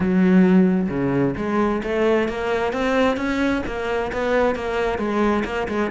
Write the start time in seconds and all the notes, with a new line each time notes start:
0.00 F#3
0.89 C#3
1.36 G#3
1.83 A3
2.28 A#3
2.72 C4
3.17 C#4
3.66 A#3
4.12 B3
4.55 A#3
4.98 G#3
5.44 A#3
5.68 G#3